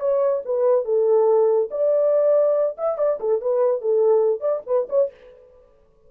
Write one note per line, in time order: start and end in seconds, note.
0.00 0.42 C#5
0.45 0.85 B4
0.85 1.69 A4
1.71 2.76 D5
2.77 2.98 E5
2.98 3.19 D5
3.20 3.41 A4
3.41 3.81 B4
3.81 4.40 A4
4.40 4.61 D5
4.66 4.87 B4
4.89 5.10 C#5